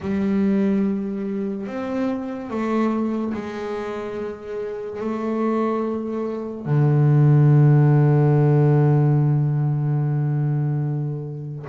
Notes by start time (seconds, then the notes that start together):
0.00 G3
1.67 C4
2.50 A3
3.33 G#3
5.00 A3
6.65 D3